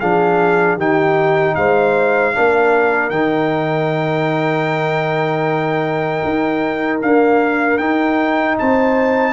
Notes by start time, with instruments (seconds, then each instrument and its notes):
0.00 tuba F3, trombone D4, horn G#4, trumpet F5
0.77 tuba D#3, trombone D#4, horn G4, trumpet G5
1.55 tuba G#3, horn C5, trumpet F5
2.34 tuba A#3, trombone D4, horn A#4
3.10 tuba D#3, trombone D#4, trumpet G5
6.25 tuba D#4
7.02 trombone A#3, tuba D4, trumpet F5
7.78 tuba D#4, trombone D#4, trumpet G5
8.59 tuba C4, horn C5, trumpet A5